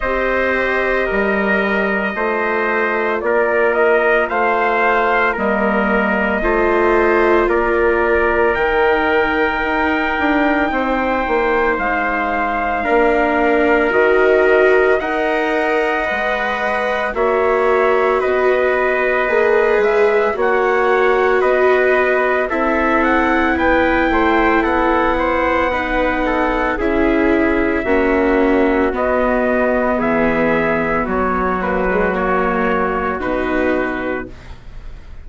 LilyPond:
<<
  \new Staff \with { instrumentName = "trumpet" } { \time 4/4 \tempo 4 = 56 dis''2. d''8 dis''8 | f''4 dis''2 d''4 | g''2. f''4~ | f''4 dis''4 fis''2 |
e''4 dis''4. e''8 fis''4 | dis''4 e''8 fis''8 g''4 fis''4~ | fis''4 e''2 dis''4 | e''4 cis''8 b'8 cis''4 b'4 | }
  \new Staff \with { instrumentName = "trumpet" } { \time 4/4 c''4 ais'4 c''4 ais'4 | c''4 ais'4 c''4 ais'4~ | ais'2 c''2 | ais'2 dis''2 |
cis''4 b'2 cis''4 | b'4 a'4 b'8 c''8 a'8 c''8 | b'8 a'8 gis'4 fis'2 | gis'4 fis'2. | }
  \new Staff \with { instrumentName = "viola" } { \time 4/4 g'2 f'2~ | f'4 ais4 f'2 | dis'1 | d'4 fis'4 ais'4 b'4 |
fis'2 gis'4 fis'4~ | fis'4 e'2. | dis'4 e'4 cis'4 b4~ | b4. ais16 gis16 ais4 dis'4 | }
  \new Staff \with { instrumentName = "bassoon" } { \time 4/4 c'4 g4 a4 ais4 | a4 g4 a4 ais4 | dis4 dis'8 d'8 c'8 ais8 gis4 | ais4 dis4 dis'4 gis4 |
ais4 b4 ais8 gis8 ais4 | b4 c'4 b8 a8 b4~ | b4 cis'4 ais4 b4 | e4 fis2 b,4 | }
>>